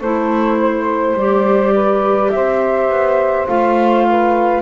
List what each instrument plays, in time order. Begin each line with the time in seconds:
0.00 double bass A3, clarinet E4, saxophone A4, flute C5
0.61 saxophone C5
1.14 double bass G3, clarinet G4, flute D5
1.74 saxophone B4
2.31 double bass C4, saxophone C5, flute E5
2.90 double bass B3
3.48 double bass A3, clarinet F4, flute F5
4.09 saxophone B4